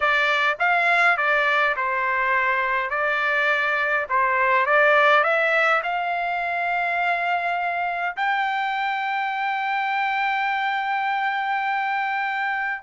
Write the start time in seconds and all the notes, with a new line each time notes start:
0.00 D5
0.59 F5
1.17 D5
1.76 C5
2.90 D5
4.09 C5
4.66 D5
5.23 E5
5.83 F5
8.16 G5